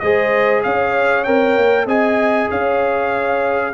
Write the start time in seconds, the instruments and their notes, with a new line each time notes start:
0.00 tuba G#3, trombone G#4, horn C5, trumpet D#5
0.64 tuba C#4, horn C#5, trumpet F5
1.24 tuba C4, trombone A#4, trumpet G5
1.57 tuba A#3
1.86 tuba C4, trombone G#4, horn D#5, trumpet G#5
2.50 tuba C#4, horn C#5, trumpet F5